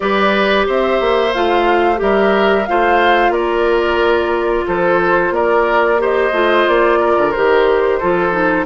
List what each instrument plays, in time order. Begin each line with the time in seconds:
0.00 bassoon G3, clarinet G4, oboe B4, flute D5
0.66 bassoon C4, oboe C5, flute E5
1.00 bassoon A#3
1.33 bassoon A3, clarinet F4, flute F5
1.96 bassoon G3, clarinet G4, oboe A#4, flute E5
2.66 bassoon A3, clarinet F4, oboe C5, flute F5
3.29 bassoon A#3, oboe A#4, flute D5
4.67 bassoon F3, oboe A4, flute C5
5.31 bassoon A#3, oboe A#4, flute D5
5.98 clarinet G4, oboe C5, flute D#5
6.32 bassoon A3, clarinet F4
6.67 bassoon A#3, flute D5
6.99 oboe A#4
7.17 bassoon D3
7.31 bassoon D#3, clarinet G4, flute C5
7.99 bassoon F3, clarinet F4, oboe A4
8.31 clarinet D#4